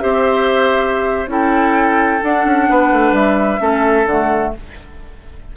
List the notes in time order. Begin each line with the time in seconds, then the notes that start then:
0.00 C4 G4 C5 E5
1.27 C#4 E4 A4 G5
2.23 D4 F#5
2.45 C#4
2.69 B3 B4
2.92 A3
3.12 G3 E5
3.59 A3 C#4 A4
4.06 D3 A3 F#5